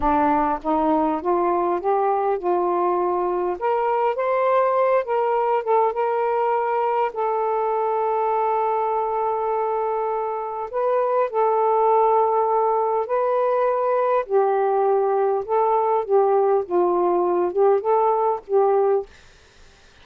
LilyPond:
\new Staff \with { instrumentName = "saxophone" } { \time 4/4 \tempo 4 = 101 d'4 dis'4 f'4 g'4 | f'2 ais'4 c''4~ | c''8 ais'4 a'8 ais'2 | a'1~ |
a'2 b'4 a'4~ | a'2 b'2 | g'2 a'4 g'4 | f'4. g'8 a'4 g'4 | }